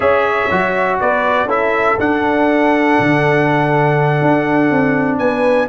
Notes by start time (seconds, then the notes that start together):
0.00 C#4 G#4 C#5 E5
0.51 F#3 F#4
0.99 B3 B4 D5
1.44 C#4 E4 A4 E5
1.99 D4 F#5
2.99 D3
4.21 D4
4.70 C4
5.18 B3 B4 G#5